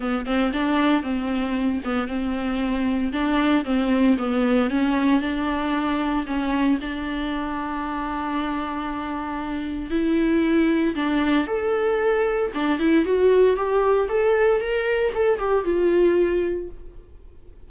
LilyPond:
\new Staff \with { instrumentName = "viola" } { \time 4/4 \tempo 4 = 115 b8 c'8 d'4 c'4. b8 | c'2 d'4 c'4 | b4 cis'4 d'2 | cis'4 d'2.~ |
d'2. e'4~ | e'4 d'4 a'2 | d'8 e'8 fis'4 g'4 a'4 | ais'4 a'8 g'8 f'2 | }